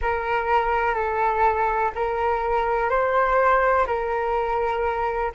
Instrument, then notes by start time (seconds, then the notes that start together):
flute
0.01 A#4
0.94 A4
1.95 A#4
2.89 C5
3.86 A#4